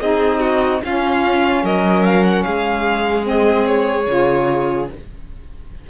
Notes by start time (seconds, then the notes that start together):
0.00 C4 D#4 G#4 D#5
0.40 F#4
0.82 C#4 F4 F5
1.63 F#3 A#4 D#5
2.05 F5
2.24 F#5
2.43 G#3 G#4 F5
3.22 C4 D#5
3.67 C#5
4.07 C#3 F4